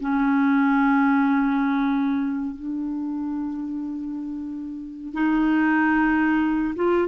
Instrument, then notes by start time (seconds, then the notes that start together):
clarinet
0.00 C#4
2.55 D4
5.13 D#4
6.75 F4